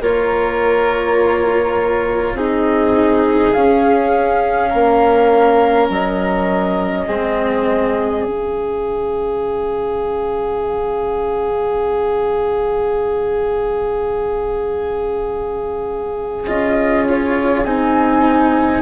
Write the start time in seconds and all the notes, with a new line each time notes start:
0.00 A#3 F4 A#4 C#5
2.33 C4 D#4 G#4 D#5
3.52 C#4 F5
4.69 A#3 A#4
5.89 F#3 D#5
7.07 G#3 C4 G#4
8.24 C#3 C#4 F5
16.46 C#4 F4 D#5
17.09 C#5
17.64 C4 D#4 G#5